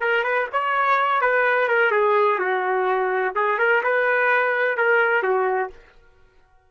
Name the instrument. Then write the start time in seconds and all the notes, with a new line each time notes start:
trumpet
0.00 A#4
0.23 B4
0.52 C#5
1.21 B4
1.68 A#4
1.91 G#4
2.39 F#4
3.35 G#4
3.59 A#4
3.83 B4
4.77 A#4
5.23 F#4